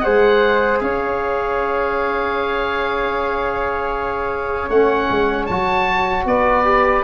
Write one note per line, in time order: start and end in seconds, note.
0.00 0.81 G#3
0.00 4.70 G#4
0.00 0.81 C5
0.00 0.78 F#5
0.80 4.69 C#4
0.80 6.26 C#5
0.80 4.70 F5
4.69 5.08 A3
4.69 5.50 C#4
4.69 5.45 F#5
5.10 5.49 G#3
5.45 6.25 F#3
5.45 6.64 F#4
5.45 6.23 A5
6.25 7.03 B3
6.25 7.04 B4
6.25 7.04 D5
6.64 7.03 G4